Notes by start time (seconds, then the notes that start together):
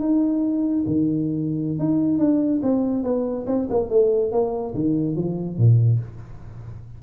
0.00 D#4
0.86 D#3
1.79 D#4
2.19 D4
2.63 C4
3.04 B3
3.47 C4
3.70 A#3
3.90 A3
4.32 A#3
4.75 D#3
5.16 F3
5.57 A#2